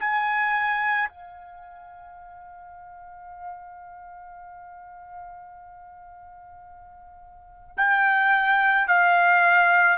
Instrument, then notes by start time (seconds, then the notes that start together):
trumpet
0.00 G#5
1.09 F5
7.77 G5
8.88 F5